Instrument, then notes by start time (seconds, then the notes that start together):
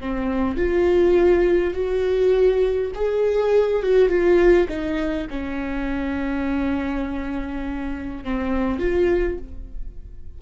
viola
0.00 C4
0.57 F4
1.74 F#4
2.95 G#4
3.83 F#4
4.09 F4
4.68 D#4
5.30 C#4
8.24 C4
8.79 F4